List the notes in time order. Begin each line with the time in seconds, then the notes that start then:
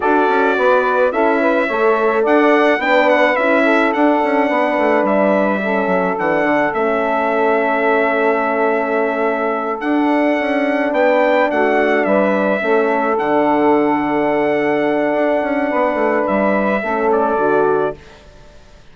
0.00 D4 F#4 A4 D5
0.28 C#4
0.57 B3 B4
1.12 C#4 E4 A4 E5
1.40 B4
1.66 A3 A4 C#5
2.22 D4 D5 F#5
2.78 B3 D4 B4 G5
3.09 F#5
3.36 C#4 E4 E5
3.62 A4
3.93 D4 F#5
4.23 C#4
4.48 B3 B4
4.77 A3
5.02 G3 E5
5.62 C#4 A4
5.86 F#3
6.17 E3 D4 F#5
6.43 D3
6.72 A3 C#4 E5
9.80 D4 F#5
10.39 C#4
10.91 B3 B4 G5
11.50 A3 F#4 F#5
12.04 G3 B4 E5
12.60 A3 C#4 A4
13.17 D3 D4 F#5
15.13 D4
15.42 C#4
15.69 B3 B4
15.94 A3
16.26 G3 E5
16.81 A3 C#4 A4
17.12 D5
17.36 D3 F#4